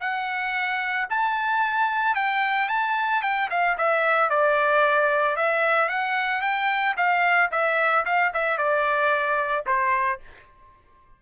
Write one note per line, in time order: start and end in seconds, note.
0.00 1.07 F#5
1.10 2.15 A5
2.15 2.69 G5
2.69 3.22 A5
3.22 3.49 G5
3.50 3.77 F5
3.78 4.30 E5
4.30 5.36 D5
5.36 5.89 E5
5.89 6.41 F#5
6.41 6.95 G5
6.97 7.50 F5
7.51 8.05 E5
8.05 8.32 F5
8.34 8.58 E5
8.58 9.65 D5
9.66 10.20 C5